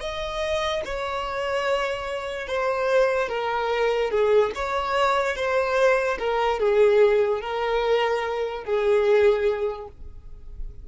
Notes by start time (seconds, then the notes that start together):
0.00 D#5
0.85 C#5
2.47 C5
3.28 A#4
4.11 G#4
4.55 C#5
5.35 C5
6.18 A#4
6.59 G#4
7.41 A#4
8.64 G#4